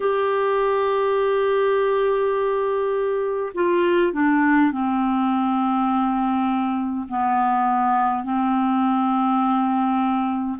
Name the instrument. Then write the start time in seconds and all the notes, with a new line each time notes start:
clarinet
0.00 G4
3.54 F4
4.12 D4
4.71 C4
7.09 B3
8.24 C4